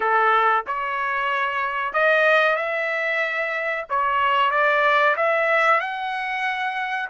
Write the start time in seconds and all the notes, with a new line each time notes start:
0.00 A4
0.66 C#5
1.93 D#5
2.56 E5
3.89 C#5
4.50 D5
5.16 E5
5.80 F#5